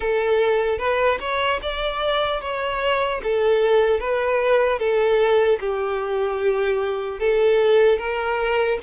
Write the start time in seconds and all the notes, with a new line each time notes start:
0.00 A4
0.78 B4
1.20 C#5
1.61 D5
2.41 C#5
3.23 A4
4.00 B4
4.79 A4
5.60 G4
7.19 A4
7.98 A#4